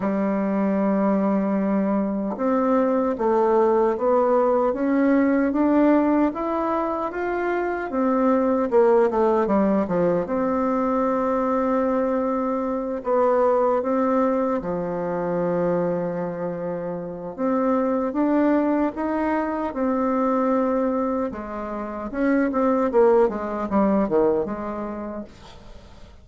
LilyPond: \new Staff \with { instrumentName = "bassoon" } { \time 4/4 \tempo 4 = 76 g2. c'4 | a4 b4 cis'4 d'4 | e'4 f'4 c'4 ais8 a8 | g8 f8 c'2.~ |
c'8 b4 c'4 f4.~ | f2 c'4 d'4 | dis'4 c'2 gis4 | cis'8 c'8 ais8 gis8 g8 dis8 gis4 | }